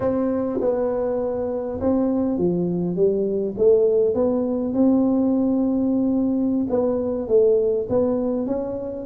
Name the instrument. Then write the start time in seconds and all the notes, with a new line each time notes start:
tuba
0.00 C4
0.60 B3
1.80 C4
2.38 F3
2.95 G3
3.57 A3
4.14 B3
4.73 C4
6.69 B3
7.28 A3
7.89 B3
8.46 C#4